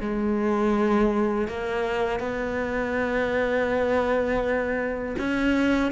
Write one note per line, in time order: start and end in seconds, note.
0.00 1.47 G#3
1.47 2.19 A#3
2.19 5.15 B3
5.18 5.91 C#4